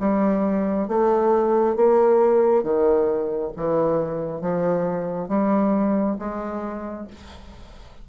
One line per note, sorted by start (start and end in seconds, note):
0.00 0.88 G3
0.89 1.76 A3
1.76 2.64 A#3
2.64 3.52 D#3
3.57 4.42 E3
4.42 5.29 F3
5.29 6.17 G3
6.19 7.07 G#3